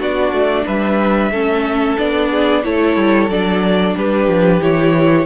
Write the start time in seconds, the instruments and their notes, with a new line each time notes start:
0.00 cello B3, viola D4, violin F#4 D5
0.32 cello A3
0.66 cello G3, violin B4 E5
1.31 cello A3, viola C#4, violin A4
1.97 cello B3, viola D4, violin D5
2.30 violin G#4
2.63 cello A3, viola E4, violin A4 C#5
2.96 cello G3
3.29 cello F#3, viola D4, violin D5
3.96 cello G3, violin G4 B4
4.28 cello F3
4.61 cello E3, viola E4, violin C#5